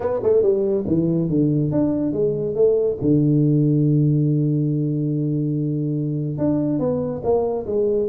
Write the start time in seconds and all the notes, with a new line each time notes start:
0.00 B3
0.23 A3
0.42 G3
0.86 E3
1.29 D3
1.71 D4
2.13 G#3
2.55 A3
3.01 D3
6.38 D4
6.79 B3
7.23 A#3
7.66 G#3